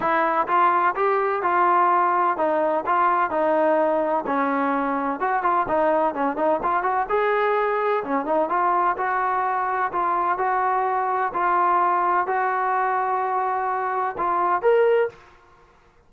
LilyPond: \new Staff \with { instrumentName = "trombone" } { \time 4/4 \tempo 4 = 127 e'4 f'4 g'4 f'4~ | f'4 dis'4 f'4 dis'4~ | dis'4 cis'2 fis'8 f'8 | dis'4 cis'8 dis'8 f'8 fis'8 gis'4~ |
gis'4 cis'8 dis'8 f'4 fis'4~ | fis'4 f'4 fis'2 | f'2 fis'2~ | fis'2 f'4 ais'4 | }